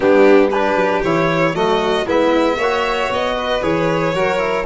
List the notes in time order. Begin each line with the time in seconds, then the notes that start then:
0.00 G3 B3 D4 G4
0.50 D4 G4 B4
0.74 F#3
1.03 E3 E4 C#5
1.53 F#3 A3 F#4 D#5
2.06 G#3 B3 E4 E5
2.57 A#3 F#4 C#5
3.09 B3 D#5
3.37 B4
3.62 E3 G#4 C#5
4.14 F#3 F#4 A#4
4.38 E4